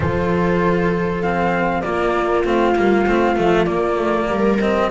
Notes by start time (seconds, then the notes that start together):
0.00 F3 F4 A4 C5
1.22 C4 F5
1.81 A#3 F4 D5
2.44 A3 C4 F5
2.75 G3 A#3
3.06 A3 C4
3.36 F3 A3
3.65 A#3 D5
3.97 A3
4.29 G3 A#4
4.59 C4 D#5